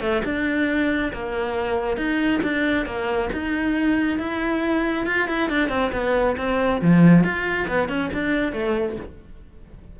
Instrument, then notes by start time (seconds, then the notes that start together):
cello
0.00 A3
0.24 D4
1.13 A#3
1.97 D#4
2.43 D4
2.85 A#3
3.33 D#4
4.19 E4
5.06 F4
5.28 E4
5.49 D4
5.69 C4
5.92 B3
6.37 C4
6.81 F3
7.23 F4
7.67 B3
7.88 C#4
8.13 D4
8.52 A3